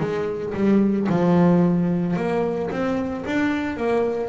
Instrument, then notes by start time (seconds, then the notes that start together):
double bass
0.00 G#3
0.54 G3
1.09 F3
2.16 A#3
2.71 C4
3.26 D4
3.77 A#3